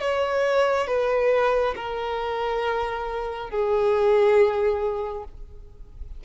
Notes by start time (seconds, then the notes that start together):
0.00 C#5
0.87 B4
1.76 A#4
3.50 G#4